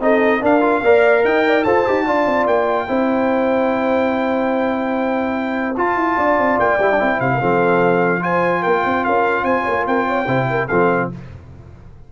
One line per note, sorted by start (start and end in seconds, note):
0.00 0.41 C4
0.00 0.40 D#4
0.00 0.42 A4
0.00 0.43 D#5
0.40 0.61 D4
0.40 0.82 D4
0.40 0.83 A#4
0.40 1.25 F5
0.61 0.81 F4
0.82 1.23 A#3
0.82 1.66 A#4
0.82 1.25 D5
1.24 1.65 D#4
1.24 1.46 D#5
1.24 1.63 G5
1.46 1.64 D5
1.63 1.86 F4
1.63 1.86 A4
1.63 2.05 C5
1.63 2.45 A5
1.86 2.06 D#4
1.86 2.06 G4
2.06 2.25 D4
2.06 2.87 F4
2.06 2.88 D5
2.25 2.46 C4
2.46 2.87 A#3
2.46 5.76 G5
2.87 5.76 C4
2.87 5.75 E4
2.87 6.16 C5
5.76 6.79 F4
5.76 5.96 F4
5.76 6.59 A5
5.96 6.16 E4
6.16 6.37 D4
6.16 7.19 D5
6.38 6.58 C4
6.59 6.78 A#3
6.59 7.20 G5
6.78 6.99 G3
6.78 6.92 E4
6.92 6.99 D4
6.99 7.19 C4
6.99 7.40 E4
7.19 7.40 C3
7.19 7.30 C5
7.19 8.23 F5
7.33 7.40 A#4
7.40 8.65 F3
7.40 8.20 C4
7.40 8.22 A4
8.20 10.25 F4
8.20 8.61 C5
8.20 8.63 G#5
8.61 8.85 A#3
8.61 8.82 A#4
8.61 9.04 G5
8.84 9.05 C4
8.84 9.04 C5
9.04 9.43 C#4
9.04 9.43 A#4
9.04 9.44 F5
9.43 9.63 C4
9.43 9.63 C5
9.43 9.85 G#5
9.63 9.86 A#3
9.63 9.83 C#5
9.86 10.27 C4
9.86 10.07 A#4
9.86 10.68 G5
10.07 10.26 C#5
10.26 10.68 C3
10.26 10.68 E4
10.26 10.46 C5
10.49 10.69 A#4
10.68 11.12 F3
10.68 11.11 C4
10.68 11.10 A4
10.68 11.09 F5